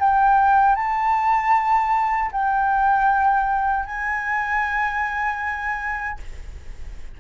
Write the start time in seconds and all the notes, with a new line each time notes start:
0.00 G5
0.76 A5
2.32 G5
3.86 G#5